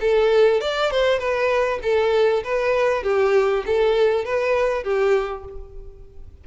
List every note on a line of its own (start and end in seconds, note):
0.00 0.61 A4
0.61 0.91 D5
0.91 1.18 C5
1.18 1.79 B4
1.82 2.43 A4
2.44 3.03 B4
3.03 3.64 G4
3.66 4.24 A4
4.24 4.83 B4
4.83 5.44 G4